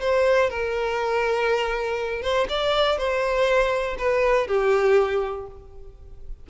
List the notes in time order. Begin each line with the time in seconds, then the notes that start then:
0.00 C5
0.50 A#4
2.22 C5
2.49 D5
2.97 C5
3.98 B4
4.47 G4